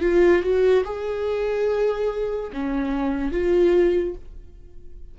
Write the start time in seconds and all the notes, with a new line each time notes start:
0.00 F4
0.42 F#4
0.84 G#4
2.52 C#4
3.31 F4